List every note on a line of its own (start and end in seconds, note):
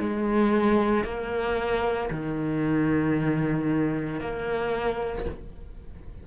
0.00 1.05 G#3
1.05 2.10 A#3
2.11 4.21 D#3
4.21 5.26 A#3